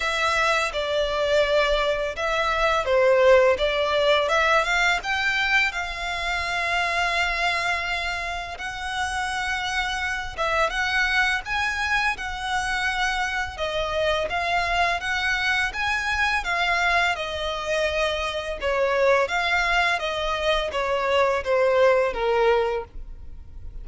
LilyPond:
\new Staff \with { instrumentName = "violin" } { \time 4/4 \tempo 4 = 84 e''4 d''2 e''4 | c''4 d''4 e''8 f''8 g''4 | f''1 | fis''2~ fis''8 e''8 fis''4 |
gis''4 fis''2 dis''4 | f''4 fis''4 gis''4 f''4 | dis''2 cis''4 f''4 | dis''4 cis''4 c''4 ais'4 | }